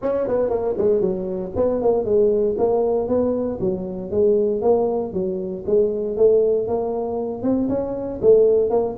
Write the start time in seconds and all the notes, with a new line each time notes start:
0.02 C#4
0.27 B3
0.49 A#3
0.77 G#3
1.00 F#3
1.55 B3
1.81 A#3
2.04 G#3
2.58 A#3
3.08 B3
3.60 F#3
4.10 G#3
4.61 A#3
5.13 F#3
5.66 G#3
6.17 A3
6.67 A#3
7.42 C4
7.69 C#4
8.21 A3
8.69 A#3